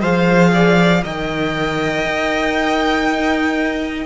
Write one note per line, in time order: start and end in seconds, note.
0.00 1.04 F3
0.00 1.04 G#4
0.00 0.51 C5
0.00 1.04 F5
0.54 1.03 D5
1.03 2.05 D#3
1.03 4.06 A#4
1.03 4.06 D#5
1.03 4.06 G5
2.05 4.06 D#4